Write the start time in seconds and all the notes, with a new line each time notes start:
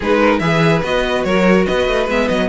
0.00 G#3 D#4 G#4 B4
0.20 A#4
0.39 E3 G#4 B4 E5
0.83 B3 F#4 D#5
1.23 F#3 A#4 C#5
1.65 B3 B4 D#5
1.87 A3
2.08 G#3 B3 E5
2.28 F#3 D#5